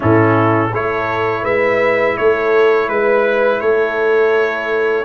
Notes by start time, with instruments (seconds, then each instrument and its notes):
0.00 tuba A2, trombone C#4, horn E4, trumpet A4
0.72 tuba A3, trombone E4, horn A4, trumpet C#5
1.43 tuba G#3, horn B4, trumpet E5
2.17 tuba A3, horn A4, trumpet C#5
2.88 tuba G#3, trumpet B4, horn B4
3.60 tuba A3, horn A4, trumpet C#5